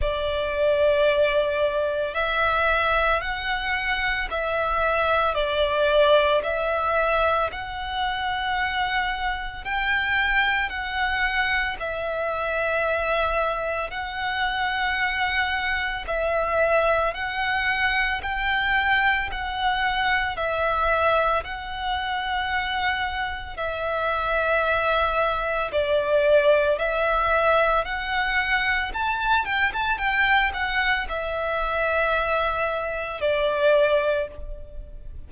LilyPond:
\new Staff \with { instrumentName = "violin" } { \time 4/4 \tempo 4 = 56 d''2 e''4 fis''4 | e''4 d''4 e''4 fis''4~ | fis''4 g''4 fis''4 e''4~ | e''4 fis''2 e''4 |
fis''4 g''4 fis''4 e''4 | fis''2 e''2 | d''4 e''4 fis''4 a''8 g''16 a''16 | g''8 fis''8 e''2 d''4 | }